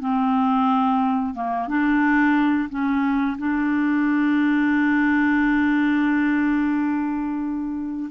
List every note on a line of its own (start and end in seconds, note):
0.00 1.35 C4
1.35 1.68 A#3
1.68 2.69 D4
2.70 3.37 C#4
3.38 8.10 D4